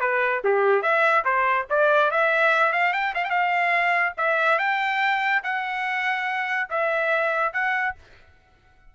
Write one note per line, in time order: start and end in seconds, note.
0.00 0.42 B4
0.44 0.82 G4
0.82 1.24 E5
1.25 1.66 C5
1.70 2.11 D5
2.11 2.72 E5
2.72 2.93 F5
2.93 3.14 G5
3.14 3.24 F5
3.24 4.13 F5
3.24 3.30 G5
4.17 4.59 E5
4.59 5.42 G5
5.44 6.69 F#5
6.70 7.53 E5
7.53 7.95 F#5